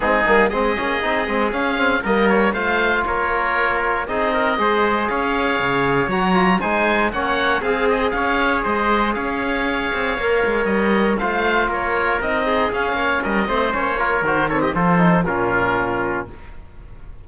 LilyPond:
<<
  \new Staff \with { instrumentName = "oboe" } { \time 4/4 \tempo 4 = 118 gis'4 dis''2 f''4 | dis''8 cis''8 f''4 cis''2 | dis''2 f''2 | ais''4 gis''4 fis''4 f''8 dis''8 |
f''4 dis''4 f''2~ | f''4 dis''4 f''4 cis''4 | dis''4 f''4 dis''4 cis''4 | c''8 cis''16 dis''16 c''4 ais'2 | }
  \new Staff \with { instrumentName = "trumpet" } { \time 4/4 dis'4 gis'2. | ais'4 c''4 ais'2 | gis'8 ais'8 c''4 cis''2~ | cis''4 c''4 cis''4 gis'4 |
cis''4 c''4 cis''2~ | cis''2 c''4 ais'4~ | ais'8 gis'4 cis''8 ais'8 c''4 ais'8~ | ais'8 a'16 g'16 a'4 f'2 | }
  \new Staff \with { instrumentName = "trombone" } { \time 4/4 c'8 ais8 c'8 cis'8 dis'8 c'8 cis'8 c'8 | ais4 f'2. | dis'4 gis'2. | fis'8 f'8 dis'4 cis'4 gis'4~ |
gis'1 | ais'2 f'2 | dis'4 cis'4. c'8 cis'8 f'8 | fis'8 c'8 f'8 dis'8 cis'2 | }
  \new Staff \with { instrumentName = "cello" } { \time 4/4 gis8 g8 gis8 ais8 c'8 gis8 cis'4 | g4 a4 ais2 | c'4 gis4 cis'4 cis4 | fis4 gis4 ais4 c'4 |
cis'4 gis4 cis'4. c'8 | ais8 gis8 g4 a4 ais4 | c'4 cis'8 ais8 g8 a8 ais4 | dis4 f4 ais,2 | }
>>